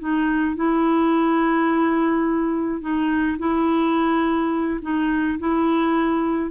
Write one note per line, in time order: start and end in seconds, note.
0.00 0.56 D#4
0.56 2.81 E4
2.81 3.38 D#4
3.39 4.80 E4
4.82 5.39 D#4
5.39 6.51 E4